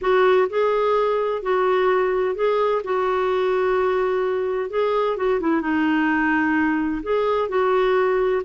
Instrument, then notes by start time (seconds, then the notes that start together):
clarinet
0.01 F#4
0.49 G#4
1.42 F#4
2.35 G#4
2.84 F#4
4.70 G#4
5.16 F#4
5.40 E4
5.61 D#4
7.02 G#4
7.48 F#4